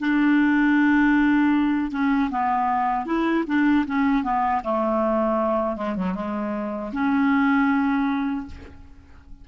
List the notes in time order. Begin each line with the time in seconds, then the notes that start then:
0.00 D4
1.92 C#4
2.31 B3
3.06 E4
3.47 D4
3.87 C#4
4.24 B3
4.64 A3
5.76 G#3
5.96 F#3
6.15 G#3
6.93 C#4